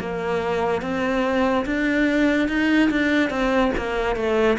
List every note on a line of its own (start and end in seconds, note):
0.00 0.81 A#3
0.81 1.65 C4
1.66 2.48 D4
2.48 2.90 D#4
2.90 3.30 D4
3.30 3.72 C4
3.77 4.16 A#3
4.16 4.58 A3